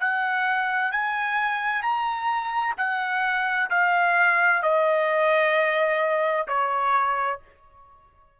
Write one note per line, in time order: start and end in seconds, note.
0.00 0.92 F#5
0.92 1.83 G#5
1.83 2.75 A#5
2.77 3.70 F#5
3.70 4.63 F5
4.63 6.47 D#5
6.48 7.40 C#5